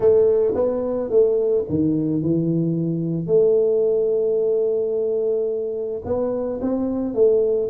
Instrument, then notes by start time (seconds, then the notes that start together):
tuba
0.00 A3
0.55 B3
1.09 A3
1.69 D#3
2.22 E3
3.26 A3
6.04 B3
6.61 C4
7.14 A3